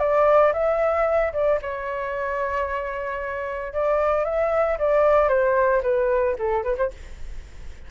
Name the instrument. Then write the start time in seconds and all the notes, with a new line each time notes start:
flute
0.00 D5
0.54 E5
1.33 D5
1.62 C#5
3.74 D5
4.25 E5
4.79 D5
5.29 C5
5.83 B4
6.39 A4
6.64 B4
6.78 C5